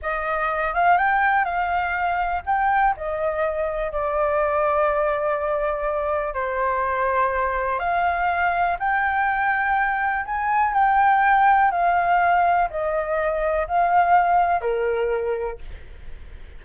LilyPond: \new Staff \with { instrumentName = "flute" } { \time 4/4 \tempo 4 = 123 dis''4. f''8 g''4 f''4~ | f''4 g''4 dis''2 | d''1~ | d''4 c''2. |
f''2 g''2~ | g''4 gis''4 g''2 | f''2 dis''2 | f''2 ais'2 | }